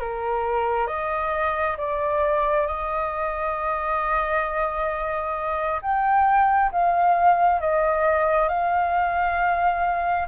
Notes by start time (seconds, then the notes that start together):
0.00 A#4
0.87 D#5
1.77 D5
2.67 D#5
5.81 G5
6.71 F5
7.60 D#5
8.48 F5